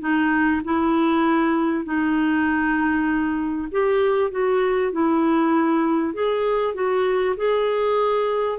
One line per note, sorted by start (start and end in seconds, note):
0.00 0.61 D#4
0.64 1.85 E4
1.85 3.68 D#4
3.72 4.31 G4
4.31 4.92 F#4
4.92 6.14 E4
6.14 6.74 G#4
6.74 7.35 F#4
7.37 8.59 G#4